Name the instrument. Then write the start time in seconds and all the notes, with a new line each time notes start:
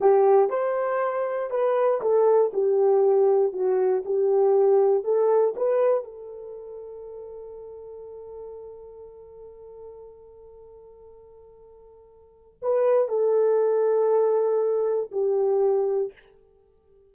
horn
0.00 G4
0.49 C5
1.50 B4
2.01 A4
2.53 G4
3.52 F#4
4.05 G4
5.04 A4
5.56 B4
6.03 A4
12.61 B4
13.08 A4
15.11 G4